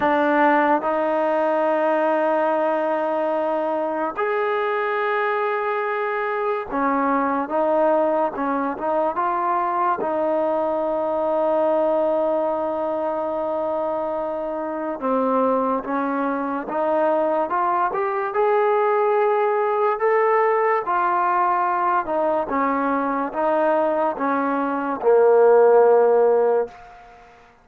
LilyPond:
\new Staff \with { instrumentName = "trombone" } { \time 4/4 \tempo 4 = 72 d'4 dis'2.~ | dis'4 gis'2. | cis'4 dis'4 cis'8 dis'8 f'4 | dis'1~ |
dis'2 c'4 cis'4 | dis'4 f'8 g'8 gis'2 | a'4 f'4. dis'8 cis'4 | dis'4 cis'4 ais2 | }